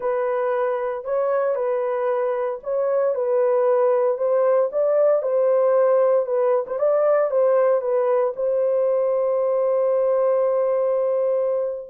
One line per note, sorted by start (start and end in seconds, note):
0.00 1.04 B4
1.04 1.55 C#5
1.55 2.59 B4
2.63 3.14 C#5
3.14 4.17 B4
4.17 4.70 C5
4.71 5.22 D5
5.22 6.26 C5
6.26 6.65 B4
6.66 6.78 C5
6.78 7.30 D5
7.30 7.81 C5
7.81 8.33 B4
8.36 11.88 C5